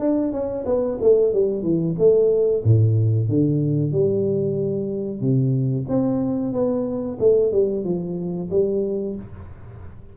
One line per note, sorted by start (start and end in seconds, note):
0.00 0.32 D4
0.32 0.65 C#4
0.66 0.98 B3
1.01 1.34 A3
1.34 1.63 G3
1.63 1.96 E3
1.99 2.64 A3
2.64 3.29 A2
3.29 3.92 D3
3.92 5.21 G3
5.21 5.86 C3
5.89 6.53 C4
6.53 7.18 B3
7.20 7.52 A3
7.52 7.84 G3
7.84 8.50 F3
8.51 9.16 G3